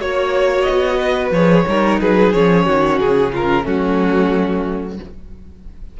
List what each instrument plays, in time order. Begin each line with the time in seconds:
0.00 cello A#3, viola F#4, violin C#5
0.61 violin D#5
0.69 cello B3
0.98 violin B4
1.31 cello F3, viola G#4, violin C#5
1.67 cello G3, viola D#4, violin A#4
2.00 cello F#3, violin G#4 B4
2.32 cello F3, viola C#4, violin C#5
2.65 cello D#3, violin F#4
2.99 cello C#3, violin G#4
3.32 violin F4 A#4
3.63 cello F#3, viola A3, violin C#4 F#4